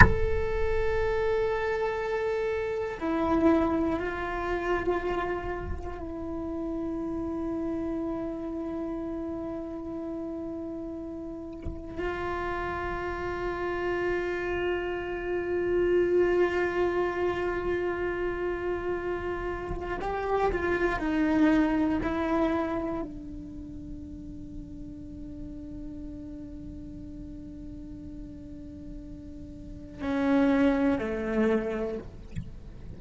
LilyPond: \new Staff \with { instrumentName = "cello" } { \time 4/4 \tempo 4 = 60 a'2. e'4 | f'2 e'2~ | e'1 | f'1~ |
f'1 | g'8 f'8 dis'4 e'4 d'4~ | d'1~ | d'2 cis'4 a4 | }